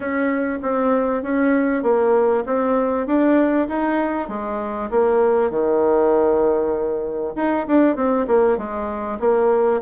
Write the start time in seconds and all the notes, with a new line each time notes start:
0.00 C#4
0.62 C4
1.22 C#4
1.82 A#3
2.46 C4
3.06 D4
3.68 D#4
4.28 G#3
4.90 A#3
5.50 D#3
7.35 D#4
7.67 D4
7.96 C4
8.27 A#3
8.57 G#3
9.19 A#3